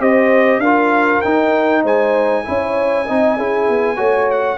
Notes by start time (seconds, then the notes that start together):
0.00 C4 G4 C5 D#5
0.59 D4 F4 A#4 F5
1.21 D#4 G5
1.84 G#3 C5 G#5
2.45 C#4 E4 C#5
3.07 C4 D#4 D#5
3.37 C#4 E4 G#4
3.69 B3
3.97 A3 F#4 C#5
4.32 F#5